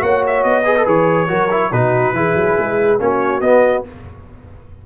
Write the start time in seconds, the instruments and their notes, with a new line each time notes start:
0.00 tuba A#3, trombone F#4, horn C#5, trumpet F#5
0.27 trumpet E5
0.44 tuba B3, trumpet D#5
0.65 trombone G#4, horn B4
0.77 trombone A4
0.85 tuba E3, trombone G#4, trumpet C#5
1.28 tuba F#3, trombone F#4, horn A#4
1.51 trombone E4
1.72 tuba B2, trombone D#4, horn F#4, trumpet B4
2.14 tuba E3, trombone E4, horn G#4
2.36 tuba F#3
2.59 tuba G#3
2.99 tuba A#3, trombone C#4, horn F#4, trumpet C#5
3.41 tuba B3, trombone B3, trumpet D#5